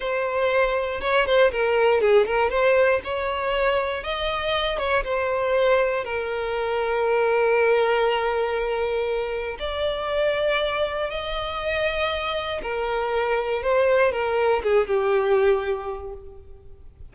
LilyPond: \new Staff \with { instrumentName = "violin" } { \time 4/4 \tempo 4 = 119 c''2 cis''8 c''8 ais'4 | gis'8 ais'8 c''4 cis''2 | dis''4. cis''8 c''2 | ais'1~ |
ais'2. d''4~ | d''2 dis''2~ | dis''4 ais'2 c''4 | ais'4 gis'8 g'2~ g'8 | }